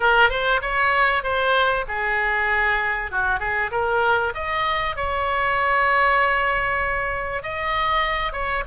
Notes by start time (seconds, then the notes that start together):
0.00 A#4
0.30 C5
0.61 C#5
1.23 C5
1.88 G#4
3.11 F#4
3.39 G#4
3.71 A#4
4.34 D#5
4.96 C#5
7.42 D#5
8.32 C#5